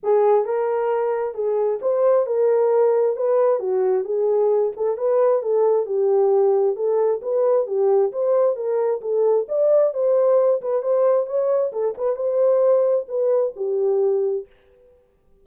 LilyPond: \new Staff \with { instrumentName = "horn" } { \time 4/4 \tempo 4 = 133 gis'4 ais'2 gis'4 | c''4 ais'2 b'4 | fis'4 gis'4. a'8 b'4 | a'4 g'2 a'4 |
b'4 g'4 c''4 ais'4 | a'4 d''4 c''4. b'8 | c''4 cis''4 a'8 b'8 c''4~ | c''4 b'4 g'2 | }